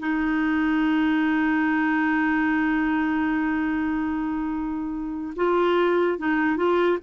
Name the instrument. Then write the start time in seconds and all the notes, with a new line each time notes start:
clarinet
0.00 D#4
5.36 F4
6.19 D#4
6.57 F4